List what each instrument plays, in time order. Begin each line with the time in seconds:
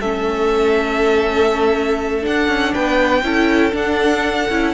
0.00 cello A3, viola C#4, violin A4 E5
2.22 viola D4, cello D4, violin F#5
2.48 cello C#4
2.74 cello B3, violin B4 G5
3.23 cello C#4, viola E4, violin A4
3.72 viola D4, cello D4, violin F#5
4.49 cello C#4, viola E4